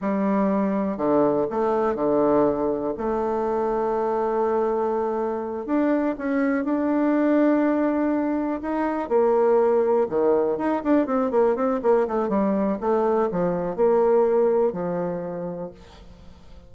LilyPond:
\new Staff \with { instrumentName = "bassoon" } { \time 4/4 \tempo 4 = 122 g2 d4 a4 | d2 a2~ | a2.~ a8 d'8~ | d'8 cis'4 d'2~ d'8~ |
d'4. dis'4 ais4.~ | ais8 dis4 dis'8 d'8 c'8 ais8 c'8 | ais8 a8 g4 a4 f4 | ais2 f2 | }